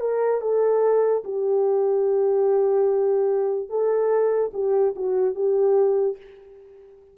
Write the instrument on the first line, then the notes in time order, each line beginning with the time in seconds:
horn
0.00 A#4
0.41 A4
1.24 G4
3.69 A4
4.53 G4
4.96 F#4
5.35 G4